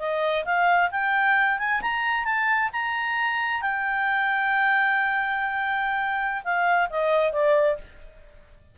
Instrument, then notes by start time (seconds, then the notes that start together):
clarinet
0.00 D#5
0.45 F5
0.91 G5
1.59 G#5
1.82 A#5
2.25 A5
2.73 A#5
3.62 G5
6.44 F5
6.90 D#5
7.33 D5